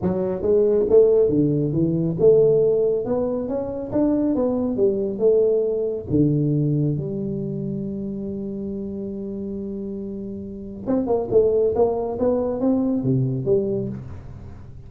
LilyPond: \new Staff \with { instrumentName = "tuba" } { \time 4/4 \tempo 4 = 138 fis4 gis4 a4 d4 | e4 a2 b4 | cis'4 d'4 b4 g4 | a2 d2 |
g1~ | g1~ | g4 c'8 ais8 a4 ais4 | b4 c'4 c4 g4 | }